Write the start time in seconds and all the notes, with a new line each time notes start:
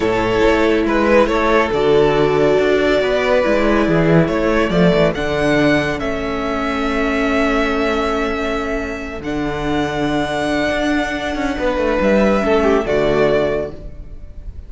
0.00 A2 E4 A4 C#5
0.46 A3
0.85 G#3 B4
1.26 A3 A4 C#5
1.72 D3 F#4 D5
2.58 D4
3.01 B3 B4
3.43 G#3 E4
3.87 E3 G#4
4.27 A3 A4 C#5
4.70 F3 A3 D5
4.94 E3
5.14 D3 D4 F#5
5.98 A3 C#4 E5
9.19 D3 D4 F#5
10.70 D4
11.35 C#4
11.58 B3 B4
11.77 A3
12.00 G3 E5
12.41 A3 C#4 A4
12.63 G4
12.84 D3 A3 F#4 D5